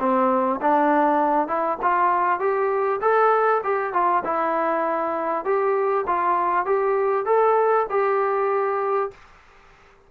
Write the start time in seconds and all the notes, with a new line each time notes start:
0.00 C4
0.62 D4
1.48 E4
1.83 F4
2.40 G4
3.02 A4
3.64 G4
3.93 F4
4.25 E4
5.45 G4
6.07 F4
6.66 G4
7.26 A4
7.90 G4